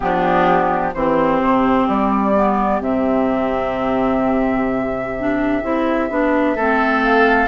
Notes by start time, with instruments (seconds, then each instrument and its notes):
0.00 bassoon F3, clarinet B3, oboe D4, flute G4
0.94 bassoon E3, clarinet C4, oboe G4, flute C5
1.41 bassoon C3
1.88 bassoon G3, flute D5
2.35 clarinet B3
2.80 bassoon C3, clarinet C4, flute E5
5.19 clarinet D4
5.62 bassoon C4, clarinet E4
6.09 bassoon B3, clarinet D4
6.55 bassoon A3, clarinet C4, oboe A4
7.03 flute F5